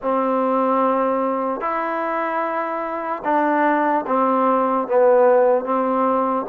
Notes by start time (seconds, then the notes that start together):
0.01 C4
1.60 E4
3.24 D4
4.06 C4
4.87 B3
5.64 C4